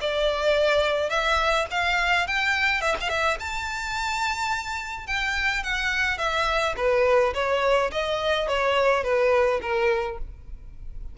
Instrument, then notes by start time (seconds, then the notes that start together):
violin
0.00 D5
1.09 E5
1.70 F5
2.27 G5
2.81 E5
3.00 F5
3.09 E5
3.39 A5
5.06 G5
5.63 F#5
6.18 E5
6.76 B4
7.34 C#5
7.91 D#5
8.48 C#5
9.03 B4
9.61 A#4